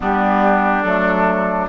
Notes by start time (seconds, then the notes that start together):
0.00 G3 B3 D4 G4
0.82 F#3 A3 A4